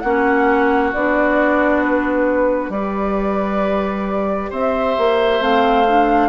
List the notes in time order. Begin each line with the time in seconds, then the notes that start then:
0.00 A#3 C#4 F#4 F#5
0.93 B3 D4 D5
1.83 B4
2.70 G3 G4 B4 D5
4.50 C4 C5 E5
4.98 A#3
5.41 A3 C4 F5
5.87 D4